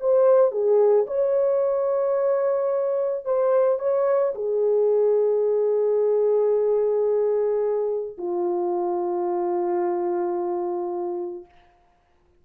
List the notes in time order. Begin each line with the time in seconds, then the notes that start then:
0.00 C5
0.51 G#4
1.07 C#5
3.25 C5
3.79 C#5
4.35 G#4
8.18 F4